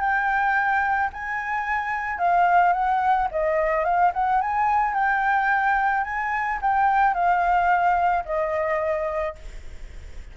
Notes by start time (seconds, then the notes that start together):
0.00 G5
1.13 G#5
2.19 F5
2.73 F#5
3.32 D#5
3.84 F5
4.14 F#5
4.42 G#5
4.94 G5
6.04 G#5
6.62 G5
7.14 F5
8.25 D#5